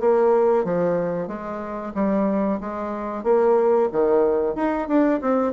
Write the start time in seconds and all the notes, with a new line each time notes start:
0.00 A#3
0.64 F3
1.27 G#3
1.94 G3
2.61 G#3
3.24 A#3
3.92 D#3
4.56 D#4
4.88 D4
5.21 C4